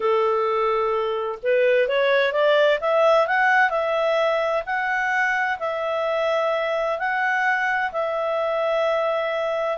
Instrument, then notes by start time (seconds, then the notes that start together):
clarinet
0.00 A4
1.42 B4
1.88 C#5
2.32 D5
2.80 E5
3.27 F#5
3.70 E5
4.66 F#5
5.59 E5
6.98 F#5
7.92 E5